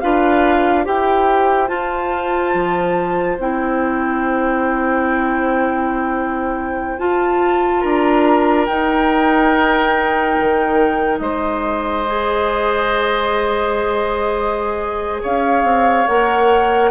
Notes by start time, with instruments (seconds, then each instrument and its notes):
0.00 bassoon D4, clarinet F4, oboe B4, flute F5
0.84 bassoon E4, clarinet G4, oboe C5, flute G5
1.68 clarinet F4, bassoon F4, flute A5
2.54 bassoon F3
3.39 bassoon C4, clarinet E4, flute G5
6.98 clarinet F4, bassoon F4, flute A5
7.81 bassoon D4, oboe A#4, flute A#5
8.65 clarinet D#4, bassoon D#4, flute G5
10.40 bassoon D#3
11.19 bassoon G#3, oboe C5, flute D#5
12.06 clarinet G#4
15.22 bassoon C#4, oboe C#5, flute F5
15.63 bassoon C4
16.07 bassoon A#3, clarinet A#4, flute F#5